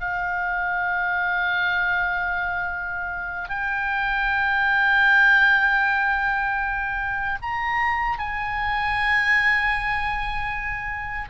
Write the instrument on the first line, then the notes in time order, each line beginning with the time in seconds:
oboe
0.00 F5
3.49 G5
7.42 A#5
8.18 G#5